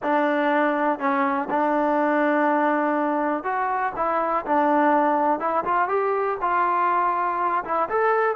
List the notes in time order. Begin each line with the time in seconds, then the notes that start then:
0.02 D4
0.99 C#4
1.50 D4
3.43 F#4
3.96 E4
4.45 D4
5.39 E4
5.64 F4
5.88 G4
6.41 F4
7.64 E4
7.89 A4